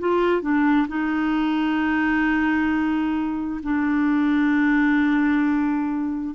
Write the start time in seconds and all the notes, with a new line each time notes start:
0.00 F4
0.42 D4
0.88 D#4
3.64 D4